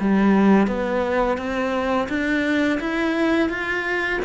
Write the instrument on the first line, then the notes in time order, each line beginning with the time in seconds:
cello
0.00 G3
0.67 B3
1.37 C4
2.09 D4
2.80 E4
3.49 F4